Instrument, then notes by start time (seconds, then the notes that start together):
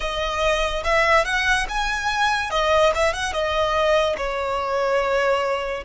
violin
0.00 D#5
0.84 E5
1.25 F#5
1.68 G#5
2.50 D#5
2.94 E5
3.13 F#5
3.33 D#5
4.17 C#5